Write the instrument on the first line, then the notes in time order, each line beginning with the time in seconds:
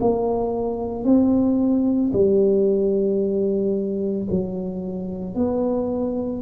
tuba
0.00 A#3
1.04 C4
2.13 G3
4.31 F#3
5.35 B3